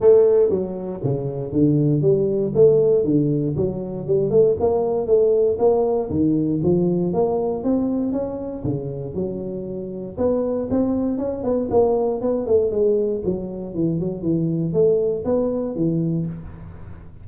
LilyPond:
\new Staff \with { instrumentName = "tuba" } { \time 4/4 \tempo 4 = 118 a4 fis4 cis4 d4 | g4 a4 d4 fis4 | g8 a8 ais4 a4 ais4 | dis4 f4 ais4 c'4 |
cis'4 cis4 fis2 | b4 c'4 cis'8 b8 ais4 | b8 a8 gis4 fis4 e8 fis8 | e4 a4 b4 e4 | }